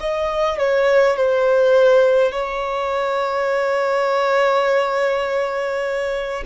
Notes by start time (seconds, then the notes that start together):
0.00 D#5
0.58 C#5
1.16 C5
2.32 C#5